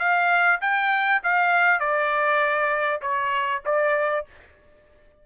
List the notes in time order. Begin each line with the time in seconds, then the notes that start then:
0.00 F5
0.61 G5
1.24 F5
1.80 D5
3.02 C#5
3.66 D5